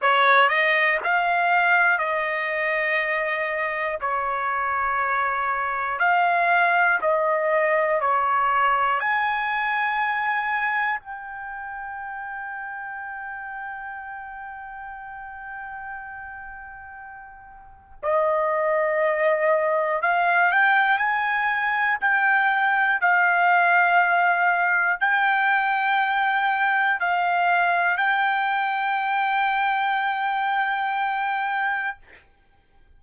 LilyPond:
\new Staff \with { instrumentName = "trumpet" } { \time 4/4 \tempo 4 = 60 cis''8 dis''8 f''4 dis''2 | cis''2 f''4 dis''4 | cis''4 gis''2 g''4~ | g''1~ |
g''2 dis''2 | f''8 g''8 gis''4 g''4 f''4~ | f''4 g''2 f''4 | g''1 | }